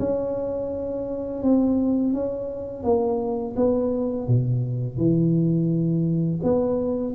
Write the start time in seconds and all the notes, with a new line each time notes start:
0.00 C#4
1.43 C4
2.14 C#4
2.84 A#3
3.56 B3
4.28 B2
4.98 E3
6.44 B3